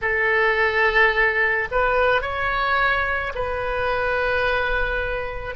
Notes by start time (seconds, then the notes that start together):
0.01 A4
1.71 B4
2.21 C#5
3.34 B4